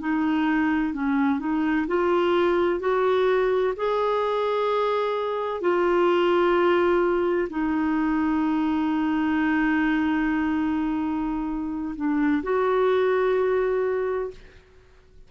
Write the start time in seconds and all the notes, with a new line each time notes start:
0.00 D#4
0.94 C#4
1.40 D#4
1.87 F4
2.80 F#4
3.77 G#4
5.61 F4
7.50 D#4
11.96 D4
12.43 F#4